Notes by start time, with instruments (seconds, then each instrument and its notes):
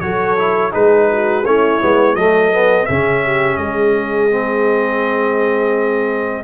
0.00 tuba F#3, trombone F#4, horn A4, trumpet C#5
0.38 trombone E4
0.71 tuba G#3, trombone D#4, horn G#4, trumpet B4
1.11 horn F#4
1.45 tuba A3, trombone C#4, horn E4, trumpet C#5
1.81 tuba G#3, trombone B3
2.15 tuba F#3, trombone A3, horn A4, trumpet D#5
2.52 trombone B3
2.86 tuba C#3, trombone C#4, horn G#4, trumpet E5
3.24 horn G4
3.57 tuba G#3, horn G#4, trumpet D#5
4.30 trombone C4